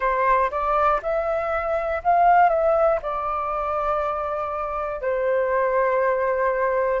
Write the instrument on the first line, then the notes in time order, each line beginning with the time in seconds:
flute
0.00 C5
0.50 D5
1.02 E5
2.03 F5
2.49 E5
3.01 D5
5.00 C5